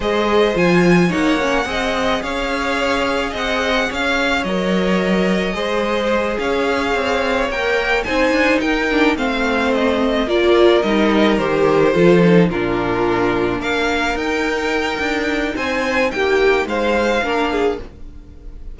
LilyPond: <<
  \new Staff \with { instrumentName = "violin" } { \time 4/4 \tempo 4 = 108 dis''4 gis''4 fis''2 | f''2 fis''4 f''4 | dis''2.~ dis''8 f''8~ | f''4. g''4 gis''4 g''8~ |
g''8 f''4 dis''4 d''4 dis''8~ | dis''8 c''2 ais'4.~ | ais'8 f''4 g''2~ g''8 | gis''4 g''4 f''2 | }
  \new Staff \with { instrumentName = "violin" } { \time 4/4 c''2 cis''4 dis''4 | cis''2 dis''4 cis''4~ | cis''2 c''4. cis''8~ | cis''2~ cis''8 c''4 ais'8~ |
ais'8 c''2 ais'4.~ | ais'4. a'4 f'4.~ | f'8 ais'2.~ ais'8 | c''4 g'4 c''4 ais'8 gis'8 | }
  \new Staff \with { instrumentName = "viola" } { \time 4/4 gis'4 f'4 dis'8 cis'8 gis'4~ | gis'1 | ais'2 gis'2~ | gis'4. ais'4 dis'4. |
d'8 c'2 f'4 dis'8~ | dis'8 g'4 f'8 dis'8 d'4.~ | d'4. dis'2~ dis'8~ | dis'2. d'4 | }
  \new Staff \with { instrumentName = "cello" } { \time 4/4 gis4 f4 ais4 c'4 | cis'2 c'4 cis'4 | fis2 gis4. cis'8~ | cis'8 c'4 ais4 c'8 d'8 dis'8~ |
dis'8 a2 ais4 g8~ | g8 dis4 f4 ais,4.~ | ais,8 ais4 dis'4. d'4 | c'4 ais4 gis4 ais4 | }
>>